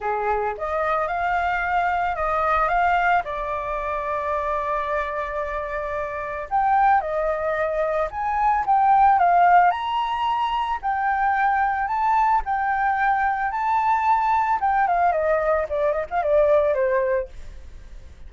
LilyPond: \new Staff \with { instrumentName = "flute" } { \time 4/4 \tempo 4 = 111 gis'4 dis''4 f''2 | dis''4 f''4 d''2~ | d''1 | g''4 dis''2 gis''4 |
g''4 f''4 ais''2 | g''2 a''4 g''4~ | g''4 a''2 g''8 f''8 | dis''4 d''8 dis''16 f''16 d''4 c''4 | }